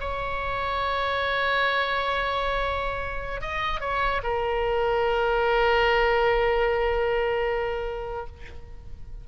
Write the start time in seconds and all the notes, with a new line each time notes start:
0.00 C#5
3.41 D#5
3.80 C#5
4.23 A#4